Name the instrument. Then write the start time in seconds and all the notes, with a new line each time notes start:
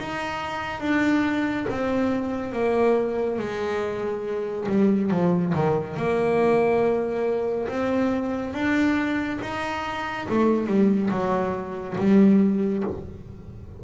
double bass
0.00 D#4
0.81 D4
1.70 C4
2.53 A#3
3.39 G#3
4.69 G3
5.11 F3
5.54 D#3
5.97 A#3
7.69 C4
8.54 D4
9.42 D#4
10.29 A3
10.67 G3
11.11 F#3
11.98 G3